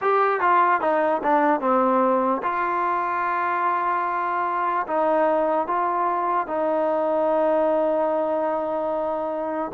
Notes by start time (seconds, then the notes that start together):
0.01 G4
0.40 F4
0.81 D#4
1.23 D4
1.60 C4
2.43 F4
4.86 D#4
5.67 F4
6.47 D#4